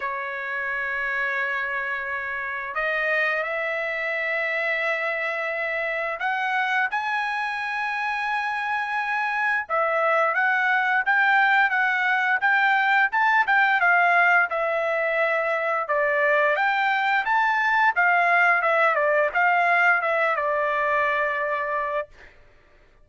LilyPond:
\new Staff \with { instrumentName = "trumpet" } { \time 4/4 \tempo 4 = 87 cis''1 | dis''4 e''2.~ | e''4 fis''4 gis''2~ | gis''2 e''4 fis''4 |
g''4 fis''4 g''4 a''8 g''8 | f''4 e''2 d''4 | g''4 a''4 f''4 e''8 d''8 | f''4 e''8 d''2~ d''8 | }